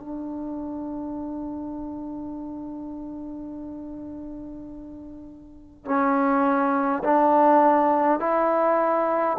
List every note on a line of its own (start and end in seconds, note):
0.00 5.86 D4
5.86 7.03 C#4
7.04 8.20 D4
8.20 9.38 E4